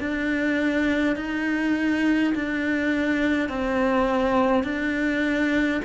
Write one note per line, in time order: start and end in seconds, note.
0.00 1.16 D4
1.16 2.34 D#4
2.35 3.49 D4
3.49 4.63 C4
4.63 5.81 D4